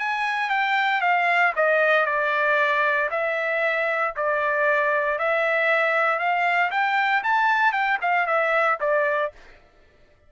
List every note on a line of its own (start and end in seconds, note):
0.00 0.50 G#5
0.50 1.02 G5
1.02 1.53 F5
1.56 2.06 D#5
2.06 3.10 D5
3.11 4.15 E5
4.16 5.19 D5
5.19 6.19 E5
6.19 6.71 F5
6.71 7.23 G5
7.24 7.73 A5
7.73 7.98 G5
8.02 8.27 F5
8.27 8.79 E5
8.81 9.32 D5